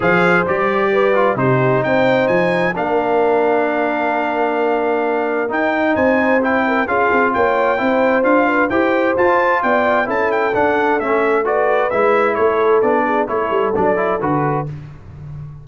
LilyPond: <<
  \new Staff \with { instrumentName = "trumpet" } { \time 4/4 \tempo 4 = 131 f''4 d''2 c''4 | g''4 gis''4 f''2~ | f''1 | g''4 gis''4 g''4 f''4 |
g''2 f''4 g''4 | a''4 g''4 a''8 g''8 fis''4 | e''4 d''4 e''4 cis''4 | d''4 cis''4 d''4 b'4 | }
  \new Staff \with { instrumentName = "horn" } { \time 4/4 c''2 b'4 g'4 | c''2 ais'2~ | ais'1~ | ais'4 c''4. ais'8 gis'4 |
cis''4 c''4. b'8 c''4~ | c''4 d''4 a'2~ | a'4 b'2 a'4~ | a'8 gis'8 a'2. | }
  \new Staff \with { instrumentName = "trombone" } { \time 4/4 gis'4 g'4. f'8 dis'4~ | dis'2 d'2~ | d'1 | dis'2 e'4 f'4~ |
f'4 e'4 f'4 g'4 | f'2 e'4 d'4 | cis'4 fis'4 e'2 | d'4 e'4 d'8 e'8 fis'4 | }
  \new Staff \with { instrumentName = "tuba" } { \time 4/4 f4 g2 c4 | c'4 f4 ais2~ | ais1 | dis'4 c'2 cis'8 c'8 |
ais4 c'4 d'4 e'4 | f'4 b4 cis'4 d'4 | a2 gis4 a4 | b4 a8 g8 fis4 d4 | }
>>